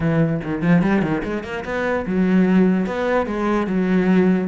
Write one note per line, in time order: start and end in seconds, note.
0.00 0.41 E3
0.43 0.62 D#3
0.62 0.82 F3
0.82 1.02 G3
1.02 1.22 D#3
1.23 1.43 G#3
1.43 1.63 A#3
1.64 2.05 B3
2.06 2.86 F#3
2.86 3.26 B3
3.26 3.66 G#3
3.66 4.47 F#3